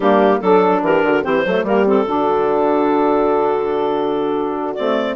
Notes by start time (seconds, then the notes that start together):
0.00 G3 A#3 D4 G4
0.40 F#3 D4 A4
0.82 E3 G4 A#4
1.03 D3 F#4
1.22 E3 C4 G4 C5
1.45 F#3 A3 A4
1.63 G3 A#3 G4 A#4
1.85 C4 A4
2.06 D3 D4 F#4
4.74 A3 C4 D5